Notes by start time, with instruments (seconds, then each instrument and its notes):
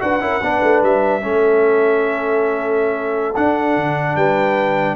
0.00 tuba D4, trombone F#4, horn B4, trumpet F#5
0.21 tuba C#4, trombone E4, horn A#4
0.41 tuba B3, trombone D4, horn B4
0.63 tuba A3
0.83 tuba G3, trumpet E5
1.22 tuba A3, trombone C#4, horn A4
3.36 trombone D4, tuba D4, trumpet F#5
3.77 tuba D3
4.16 tuba G3, horn B4, trumpet G5